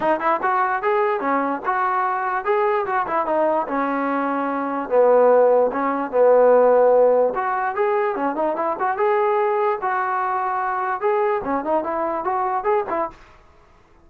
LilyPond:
\new Staff \with { instrumentName = "trombone" } { \time 4/4 \tempo 4 = 147 dis'8 e'8 fis'4 gis'4 cis'4 | fis'2 gis'4 fis'8 e'8 | dis'4 cis'2. | b2 cis'4 b4~ |
b2 fis'4 gis'4 | cis'8 dis'8 e'8 fis'8 gis'2 | fis'2. gis'4 | cis'8 dis'8 e'4 fis'4 gis'8 e'8 | }